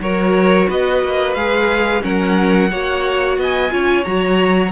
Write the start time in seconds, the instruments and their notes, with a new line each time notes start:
0.00 cello F#3, viola F#4, violin A#4 C#5
0.68 cello B3, violin B4 D#5
1.04 cello A#3
1.35 cello G#3, viola G#4, violin F5
2.01 cello F#3, viola C#4, violin A#4 F#5
2.71 cello A#3, viola F#4, violin C#5
3.38 cello B3, violin D#5 G#5
3.71 cello C#4, viola F4, violin C#5
4.04 cello F#3, viola F#4, violin A#5